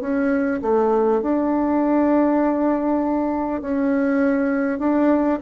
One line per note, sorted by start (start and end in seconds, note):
0.00 0.60 C#4
0.62 1.22 A3
1.22 3.61 D4
3.61 4.78 C#4
4.78 5.38 D4